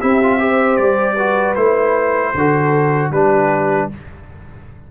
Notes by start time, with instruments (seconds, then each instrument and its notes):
0.00 tuba C4, trombone E4, horn G4, trumpet E5
0.23 trombone F4
0.39 trombone G4, horn C5
0.77 tuba G3, trumpet D5
1.15 trombone F#4, horn B4
1.55 tuba A3, trombone E4, trumpet C5
2.35 tuba D3, trombone F#4, horn A4
3.10 tuba G3, trombone D4, horn G4, trumpet B4